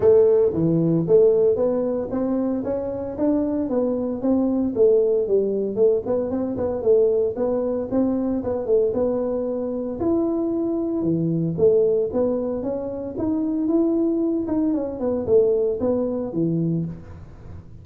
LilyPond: \new Staff \with { instrumentName = "tuba" } { \time 4/4 \tempo 4 = 114 a4 e4 a4 b4 | c'4 cis'4 d'4 b4 | c'4 a4 g4 a8 b8 | c'8 b8 a4 b4 c'4 |
b8 a8 b2 e'4~ | e'4 e4 a4 b4 | cis'4 dis'4 e'4. dis'8 | cis'8 b8 a4 b4 e4 | }